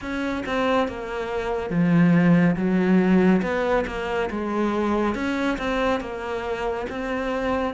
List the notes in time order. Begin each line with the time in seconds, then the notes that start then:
0.01 C#4
0.46 C4
0.88 A#3
1.69 F3
2.56 F#3
3.41 B3
3.86 A#3
4.30 G#3
5.14 C#4
5.58 C4
6.00 A#3
6.89 C4